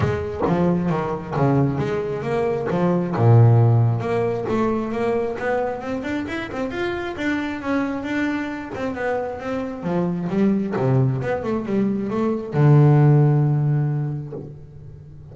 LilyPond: \new Staff \with { instrumentName = "double bass" } { \time 4/4 \tempo 4 = 134 gis4 f4 dis4 cis4 | gis4 ais4 f4 ais,4~ | ais,4 ais4 a4 ais4 | b4 c'8 d'8 e'8 c'8 f'4 |
d'4 cis'4 d'4. c'8 | b4 c'4 f4 g4 | c4 b8 a8 g4 a4 | d1 | }